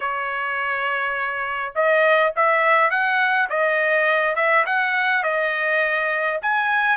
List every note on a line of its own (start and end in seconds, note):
0.00 1.73 C#5
1.75 2.33 D#5
2.35 2.90 E5
2.90 3.48 F#5
3.49 4.35 D#5
4.35 4.64 E5
4.65 5.23 F#5
5.23 6.39 D#5
6.42 6.97 G#5